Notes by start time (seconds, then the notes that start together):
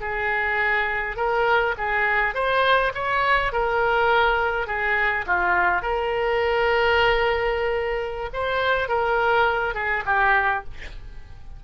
0.00 G#4
1.16 A#4
1.77 G#4
2.34 C5
2.94 C#5
3.52 A#4
4.67 G#4
5.26 F4
5.81 A#4
8.33 C5
8.88 A#4
9.74 G#4
10.05 G4